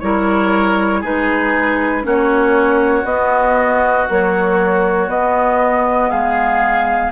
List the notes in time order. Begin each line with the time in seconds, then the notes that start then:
0.00 G3 E4 A#4 C#5
1.01 G#3 D#4 G#4 B4
2.03 A#3 C#4 F#4 C#5
3.04 B3 D#5
4.09 F#3 A#3 C#5
5.08 B3 D#5
6.10 G#3 G#4 F5